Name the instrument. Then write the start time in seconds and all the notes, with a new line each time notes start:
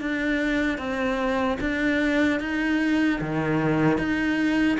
cello
0.00 D4
0.78 C4
1.60 D4
2.40 D#4
3.20 D#3
3.97 D#4